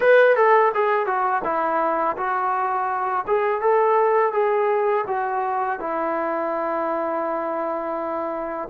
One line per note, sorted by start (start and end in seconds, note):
0.00 0.35 B4
0.35 0.72 A4
0.74 1.06 G#4
1.06 1.42 F#4
1.44 2.16 E4
2.17 3.25 F#4
3.27 3.61 G#4
3.61 4.32 A4
4.32 5.04 G#4
5.07 5.79 F#4
5.79 8.68 E4